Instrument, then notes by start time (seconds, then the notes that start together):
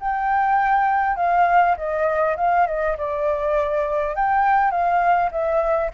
flute
0.00 G5
1.17 F5
1.77 D#5
2.37 F5
2.67 D#5
2.98 D5
4.16 G5
4.71 F5
5.32 E5